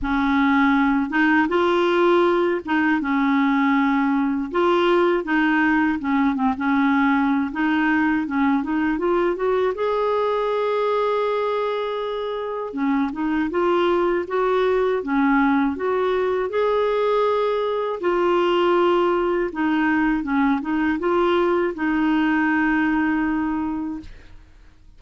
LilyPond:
\new Staff \with { instrumentName = "clarinet" } { \time 4/4 \tempo 4 = 80 cis'4. dis'8 f'4. dis'8 | cis'2 f'4 dis'4 | cis'8 c'16 cis'4~ cis'16 dis'4 cis'8 dis'8 | f'8 fis'8 gis'2.~ |
gis'4 cis'8 dis'8 f'4 fis'4 | cis'4 fis'4 gis'2 | f'2 dis'4 cis'8 dis'8 | f'4 dis'2. | }